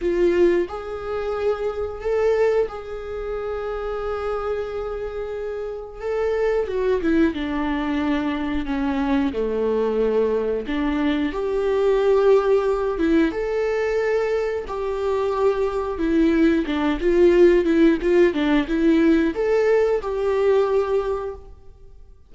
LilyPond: \new Staff \with { instrumentName = "viola" } { \time 4/4 \tempo 4 = 90 f'4 gis'2 a'4 | gis'1~ | gis'4 a'4 fis'8 e'8 d'4~ | d'4 cis'4 a2 |
d'4 g'2~ g'8 e'8 | a'2 g'2 | e'4 d'8 f'4 e'8 f'8 d'8 | e'4 a'4 g'2 | }